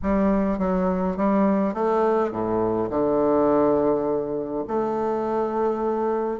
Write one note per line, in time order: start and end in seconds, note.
0.02 0.58 G3
0.58 1.16 F#3
1.17 1.74 G3
1.74 2.31 A3
2.31 2.89 A2
2.90 4.64 D3
4.67 6.40 A3